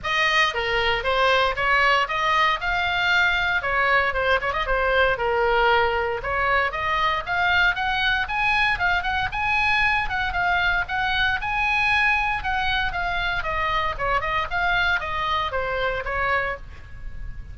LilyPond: \new Staff \with { instrumentName = "oboe" } { \time 4/4 \tempo 4 = 116 dis''4 ais'4 c''4 cis''4 | dis''4 f''2 cis''4 | c''8 cis''16 dis''16 c''4 ais'2 | cis''4 dis''4 f''4 fis''4 |
gis''4 f''8 fis''8 gis''4. fis''8 | f''4 fis''4 gis''2 | fis''4 f''4 dis''4 cis''8 dis''8 | f''4 dis''4 c''4 cis''4 | }